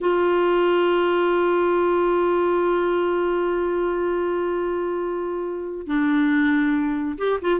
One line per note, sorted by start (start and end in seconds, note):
0.00 5.87 F4
5.87 7.17 D4
7.18 7.39 G4
7.41 7.60 F4